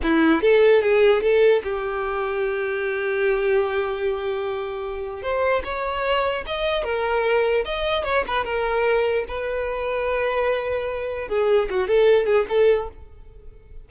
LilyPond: \new Staff \with { instrumentName = "violin" } { \time 4/4 \tempo 4 = 149 e'4 a'4 gis'4 a'4 | g'1~ | g'1~ | g'4 c''4 cis''2 |
dis''4 ais'2 dis''4 | cis''8 b'8 ais'2 b'4~ | b'1 | gis'4 fis'8 a'4 gis'8 a'4 | }